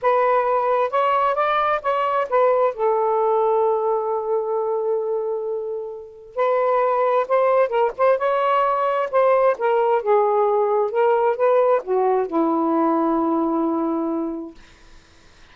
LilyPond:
\new Staff \with { instrumentName = "saxophone" } { \time 4/4 \tempo 4 = 132 b'2 cis''4 d''4 | cis''4 b'4 a'2~ | a'1~ | a'2 b'2 |
c''4 ais'8 c''8 cis''2 | c''4 ais'4 gis'2 | ais'4 b'4 fis'4 e'4~ | e'1 | }